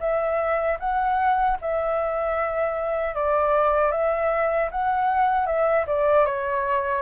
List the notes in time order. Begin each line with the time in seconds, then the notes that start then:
0.00 E5
0.80 F#5
1.61 E5
3.15 D5
3.92 E5
4.71 F#5
5.47 E5
5.87 D5
6.26 C#5